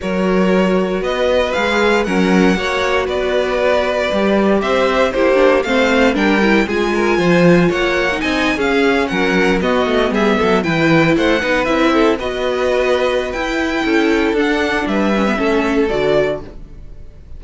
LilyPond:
<<
  \new Staff \with { instrumentName = "violin" } { \time 4/4 \tempo 4 = 117 cis''2 dis''4 f''4 | fis''2 d''2~ | d''4 e''4 c''4 f''4 | g''4 gis''2 fis''4 |
gis''8. f''4 fis''4 dis''4 e''16~ | e''8. g''4 fis''4 e''4 dis''16~ | dis''2 g''2 | fis''4 e''2 d''4 | }
  \new Staff \with { instrumentName = "violin" } { \time 4/4 ais'2 b'2 | ais'4 cis''4 b'2~ | b'4 c''4 g'4 c''4 | ais'4 gis'8 ais'8 c''4 cis''4 |
dis''8. gis'4 ais'4 fis'4 gis'16~ | gis'16 a'8 b'4 c''8 b'4 a'8 b'16~ | b'2. a'4~ | a'4 b'4 a'2 | }
  \new Staff \with { instrumentName = "viola" } { \time 4/4 fis'2. gis'4 | cis'4 fis'2. | g'2 e'8 d'8 c'4 | d'8 e'8 f'2~ f'8. dis'16~ |
dis'8. cis'2 b4~ b16~ | b8. e'4. dis'8 e'4 fis'16~ | fis'2 e'2 | d'4. cis'16 b16 cis'4 fis'4 | }
  \new Staff \with { instrumentName = "cello" } { \time 4/4 fis2 b4 gis4 | fis4 ais4 b2 | g4 c'4 ais4 a4 | g4 gis4 f4 ais4 |
c'8. cis'4 fis4 b8 a8 g16~ | g16 fis8 e4 a8 b8 c'4 b16~ | b2 e'4 cis'4 | d'4 g4 a4 d4 | }
>>